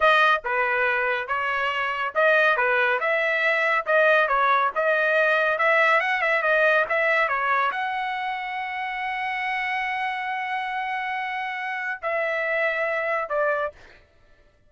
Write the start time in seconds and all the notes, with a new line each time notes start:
0.00 D#5
0.44 B4
1.27 C#5
2.14 D#5
2.57 B4
3.00 E5
3.86 D#5
4.27 C#5
4.75 D#5
5.58 E5
6.00 F#5
6.21 E5
6.42 D#5
6.89 E5
7.28 C#5
7.71 F#5
12.02 E5
13.29 D5